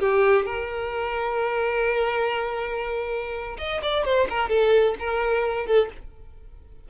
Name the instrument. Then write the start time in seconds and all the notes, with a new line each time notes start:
violin
0.00 G4
0.46 A#4
3.59 D#5
3.83 D5
4.05 C5
4.30 A#4
4.50 A4
5.00 A#4
5.67 A4